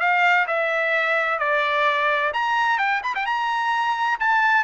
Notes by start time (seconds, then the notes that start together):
0.00 F5
0.47 E5
1.39 D5
2.34 A#5
2.79 G5
3.03 B5
3.15 G5
3.26 A#5
4.20 A5